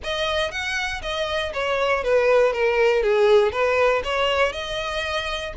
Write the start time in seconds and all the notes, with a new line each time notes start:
0.03 D#5
0.51 F#5
1.02 D#5
1.53 C#5
2.03 B4
2.53 A#4
3.02 G#4
3.52 B4
4.04 C#5
4.52 D#5